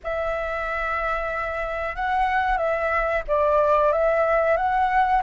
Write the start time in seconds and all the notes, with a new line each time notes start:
0.03 E5
1.95 F#5
2.57 E5
3.27 D5
3.92 E5
4.57 F#5